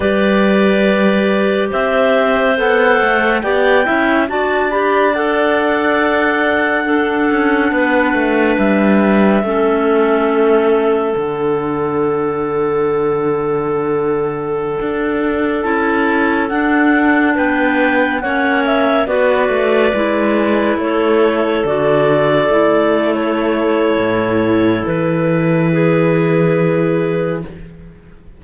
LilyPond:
<<
  \new Staff \with { instrumentName = "clarinet" } { \time 4/4 \tempo 4 = 70 d''2 e''4 fis''4 | g''4 a''8 b''8 fis''2~ | fis''2 e''2~ | e''4 fis''2.~ |
fis''2~ fis''16 a''4 fis''8.~ | fis''16 g''4 fis''8 e''8 d''4.~ d''16~ | d''16 cis''4 d''4.~ d''16 cis''4~ | cis''4 b'2. | }
  \new Staff \with { instrumentName = "clarinet" } { \time 4/4 b'2 c''2 | d''8 e''8 d''2. | a'4 b'2 a'4~ | a'1~ |
a'1~ | a'16 b'4 cis''4 b'4.~ b'16~ | b'16 a'2.~ a'8.~ | a'2 gis'2 | }
  \new Staff \with { instrumentName = "clarinet" } { \time 4/4 g'2. a'4 | g'8 e'8 fis'8 g'8 a'2 | d'2. cis'4~ | cis'4 d'2.~ |
d'2~ d'16 e'4 d'8.~ | d'4~ d'16 cis'4 fis'4 e'8.~ | e'4~ e'16 fis'4 e'4.~ e'16~ | e'1 | }
  \new Staff \with { instrumentName = "cello" } { \time 4/4 g2 c'4 b8 a8 | b8 cis'8 d'2.~ | d'8 cis'8 b8 a8 g4 a4~ | a4 d2.~ |
d4~ d16 d'4 cis'4 d'8.~ | d'16 b4 ais4 b8 a8 gis8.~ | gis16 a4 d4 a4.~ a16 | a,4 e2. | }
>>